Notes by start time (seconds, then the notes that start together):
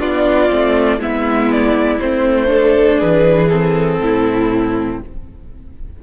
0.00 B3 D4 F4 D5
0.50 A3 C4
0.99 G#3 B3 E4 E5
1.52 D5
2.00 A3 C4 C5
2.48 D4 A4
2.99 E3 G#4 B4
3.49 C4 A4
4.01 A2 E4